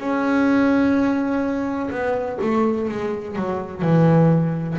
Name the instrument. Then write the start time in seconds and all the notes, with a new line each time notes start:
double bass
0.00 C#4
1.91 B3
2.42 A3
2.89 G#3
3.36 F#3
3.82 E3